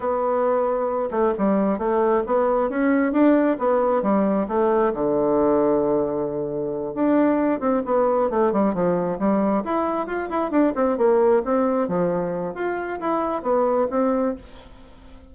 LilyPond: \new Staff \with { instrumentName = "bassoon" } { \time 4/4 \tempo 4 = 134 b2~ b8 a8 g4 | a4 b4 cis'4 d'4 | b4 g4 a4 d4~ | d2.~ d8 d'8~ |
d'4 c'8 b4 a8 g8 f8~ | f8 g4 e'4 f'8 e'8 d'8 | c'8 ais4 c'4 f4. | f'4 e'4 b4 c'4 | }